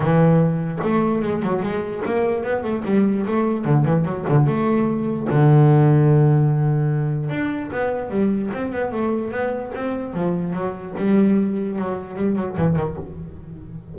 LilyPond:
\new Staff \with { instrumentName = "double bass" } { \time 4/4 \tempo 4 = 148 e2 a4 gis8 fis8 | gis4 ais4 b8 a8 g4 | a4 d8 e8 fis8 d8 a4~ | a4 d2.~ |
d2 d'4 b4 | g4 c'8 b8 a4 b4 | c'4 f4 fis4 g4~ | g4 fis4 g8 fis8 e8 dis8 | }